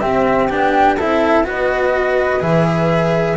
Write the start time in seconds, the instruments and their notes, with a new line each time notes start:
0.00 cello C4, double bass C4, flute G4 E5
0.49 double bass B3, cello D4, flute G5
0.97 double bass C4, cello E4, flute A4 E5
1.44 double bass B3, cello F#4, flute B4 D#5
2.40 double bass E3, cello G#4, flute E5